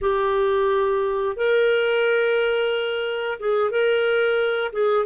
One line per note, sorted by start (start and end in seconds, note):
0.01 1.36 G4
1.36 3.38 A#4
3.39 3.70 G#4
3.70 4.71 A#4
4.72 5.05 G#4